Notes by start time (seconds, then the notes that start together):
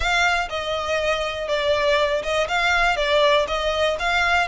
0.00 F5
0.49 D#5
1.47 D5
2.22 D#5
2.48 F5
2.96 D5
3.47 D#5
3.99 F5